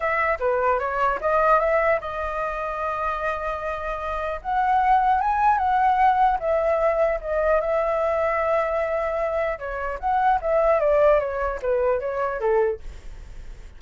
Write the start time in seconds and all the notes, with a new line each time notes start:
0.00 E5
0.39 B4
0.79 C#5
1.21 D#5
1.59 E5
2.00 D#5
4.41 F#5
5.21 G#5
5.58 F#5
6.39 E5
7.20 D#5
7.60 E5
9.58 C#5
9.99 F#5
10.41 E5
10.79 D5
11.19 C#5
11.62 B4
12.00 C#5
12.40 A4